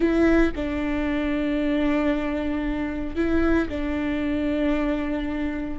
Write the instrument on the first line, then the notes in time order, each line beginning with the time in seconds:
viola
0.00 E4
0.55 D4
3.15 E4
3.68 D4